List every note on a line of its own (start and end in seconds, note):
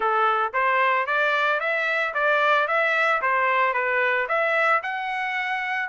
0.00 0.53 A4
0.53 1.06 C5
1.06 1.59 D5
1.59 2.13 E5
2.14 2.67 D5
2.67 3.21 E5
3.21 3.73 C5
3.73 4.27 B4
4.28 4.81 E5
4.82 5.89 F#5